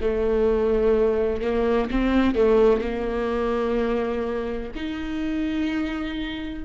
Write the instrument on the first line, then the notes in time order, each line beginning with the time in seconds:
viola
0.00 A3
1.42 A#3
1.90 C4
2.35 A3
2.81 A#3
4.75 D#4